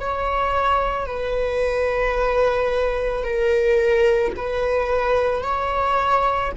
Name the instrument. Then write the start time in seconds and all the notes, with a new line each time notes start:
viola
0.00 C#5
1.06 B4
3.24 A#4
4.36 B4
5.42 C#5